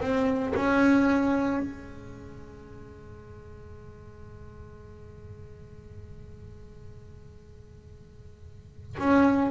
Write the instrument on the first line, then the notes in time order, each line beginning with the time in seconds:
double bass
0.00 C4
0.56 C#4
1.60 G#3
8.99 C#4